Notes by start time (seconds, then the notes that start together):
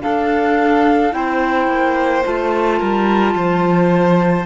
0.00 D4 A4 F5
1.11 C4 E4 C5 G5
1.67 A#3
2.23 A3 F4 A5
2.78 G3 A#4
3.34 F3 C5